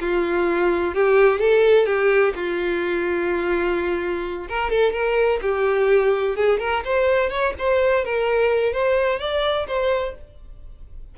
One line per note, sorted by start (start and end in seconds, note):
0.00 0.94 F4
0.94 1.40 G4
1.40 1.86 A4
1.86 2.33 G4
2.35 4.48 F4
4.48 4.70 A#4
4.70 4.93 A4
4.93 5.40 A#4
5.42 6.36 G4
6.36 6.59 G#4
6.59 6.83 A#4
6.85 7.30 C5
7.30 7.54 C#5
7.58 8.04 C5
8.04 8.73 A#4
8.73 9.19 C5
9.19 9.67 D5
9.67 10.14 C5